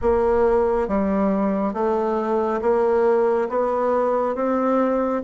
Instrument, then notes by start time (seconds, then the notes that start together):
bassoon
0.01 A#3
0.87 G3
1.74 A3
2.61 A#3
3.49 B3
4.35 C4